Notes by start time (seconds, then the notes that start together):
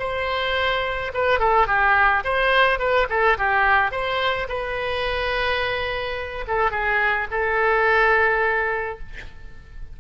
0.00 C5
1.14 B4
1.40 A4
1.68 G4
2.25 C5
2.79 B4
3.10 A4
3.38 G4
3.92 C5
4.49 B4
6.48 A4
6.72 G#4
7.31 A4